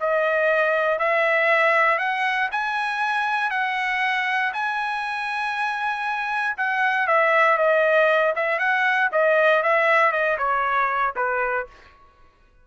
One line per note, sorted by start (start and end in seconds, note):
0.00 0.99 D#5
0.99 1.98 E5
1.98 2.49 F#5
2.51 3.51 G#5
3.51 4.52 F#5
4.53 6.56 G#5
6.57 7.07 F#5
7.07 7.58 E5
7.58 8.34 D#5
8.36 8.59 E5
8.59 9.10 F#5
9.12 9.63 D#5
9.63 10.12 E5
10.12 10.37 D#5
10.38 11.14 C#5
11.16 11.67 B4